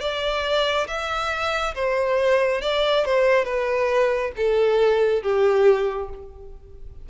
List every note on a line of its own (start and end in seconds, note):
0.00 0.87 D5
0.87 1.74 E5
1.75 2.61 C5
2.61 3.05 D5
3.05 3.45 C5
3.45 4.32 B4
4.36 5.23 A4
5.23 6.09 G4